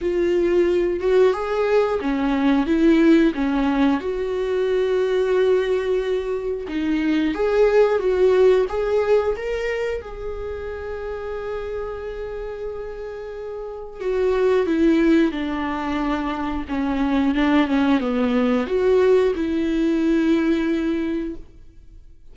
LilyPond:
\new Staff \with { instrumentName = "viola" } { \time 4/4 \tempo 4 = 90 f'4. fis'8 gis'4 cis'4 | e'4 cis'4 fis'2~ | fis'2 dis'4 gis'4 | fis'4 gis'4 ais'4 gis'4~ |
gis'1~ | gis'4 fis'4 e'4 d'4~ | d'4 cis'4 d'8 cis'8 b4 | fis'4 e'2. | }